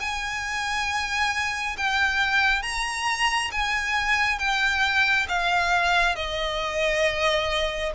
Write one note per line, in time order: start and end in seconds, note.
0.00 1.76 G#5
1.77 2.62 G5
2.62 3.51 A#5
3.51 4.39 G#5
4.39 5.27 G5
5.29 6.16 F5
6.16 7.92 D#5